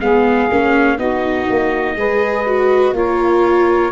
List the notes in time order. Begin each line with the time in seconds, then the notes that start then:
0.00 G#3 B3 G#4 F5
0.51 A#3 C#4
0.96 B3 D#4 F#4 D#5
1.50 A#3
1.96 G#3 G#4 B4
2.47 F#4
2.92 A#3 F4 A#4 C#5